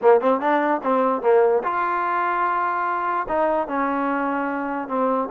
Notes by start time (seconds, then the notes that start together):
0.01 A#3
0.20 C4
0.40 D4
0.83 C4
1.22 A#3
1.63 F4
3.28 D#4
3.67 C#4
4.88 C4